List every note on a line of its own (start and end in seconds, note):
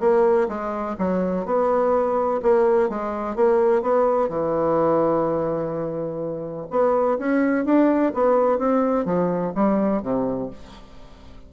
0.00 0.48 A#3
0.48 0.96 G#3
0.98 1.45 F#3
1.45 2.41 B3
2.42 2.89 A#3
2.89 3.35 G#3
3.35 3.82 A#3
3.82 4.29 B3
4.29 6.67 E3
6.70 7.18 B3
7.18 7.65 C#4
7.65 8.13 D4
8.14 8.58 B3
8.58 9.05 C4
9.05 9.53 F3
9.55 10.02 G3
10.02 10.50 C3